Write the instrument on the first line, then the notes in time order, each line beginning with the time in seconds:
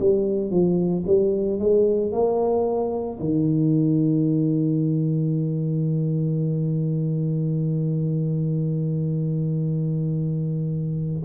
tuba
0.00 G3
0.51 F3
1.07 G3
1.59 G#3
2.12 A#3
3.20 D#3